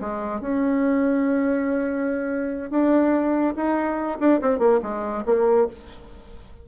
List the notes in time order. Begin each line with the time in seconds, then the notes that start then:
0.00 G#3
0.40 C#4
2.70 D4
3.55 D#4
4.19 D4
4.41 C4
4.59 A#3
4.82 G#3
5.25 A#3